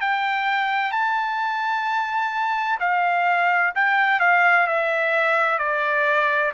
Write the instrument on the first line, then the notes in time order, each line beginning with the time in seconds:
trumpet
0.00 G5
0.91 A5
2.80 F5
3.75 G5
4.20 F5
4.67 E5
5.58 D5